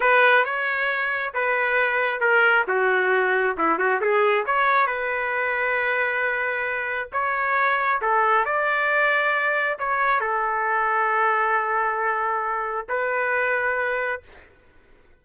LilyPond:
\new Staff \with { instrumentName = "trumpet" } { \time 4/4 \tempo 4 = 135 b'4 cis''2 b'4~ | b'4 ais'4 fis'2 | e'8 fis'8 gis'4 cis''4 b'4~ | b'1 |
cis''2 a'4 d''4~ | d''2 cis''4 a'4~ | a'1~ | a'4 b'2. | }